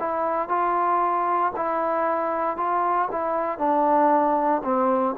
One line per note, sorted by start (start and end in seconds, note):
0.00 0.49 E4
0.49 1.53 F4
1.57 2.57 E4
2.57 3.09 F4
3.12 3.59 E4
3.59 4.62 D4
4.64 5.16 C4